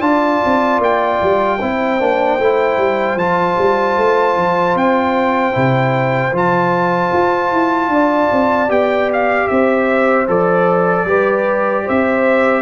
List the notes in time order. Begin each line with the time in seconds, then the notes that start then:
0.00 D4 F4 D5 A5
0.45 C4
0.78 A#3 G5
1.22 G3
1.59 C4 E4 C5
2.00 A#3 D4
2.39 A3 E4
2.77 G3
3.15 F3 F4 A5
3.58 G3
3.97 A3
4.36 F3
4.75 C4 G5
5.52 C3 E4
6.32 F3 F4 A5
7.13 F4
7.52 E4
7.88 D4 D5
8.32 C4
8.68 B3 G4 G5
9.12 F5
9.47 C4 C5 E5
10.27 F3 A4 D5
11.05 G3 G4 B4
11.84 C4 C5 E5